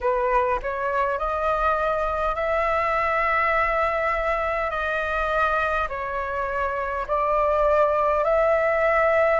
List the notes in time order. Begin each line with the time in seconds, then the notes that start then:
0.01 B4
0.62 C#5
1.18 D#5
2.35 E5
4.70 D#5
5.88 C#5
7.07 D5
8.24 E5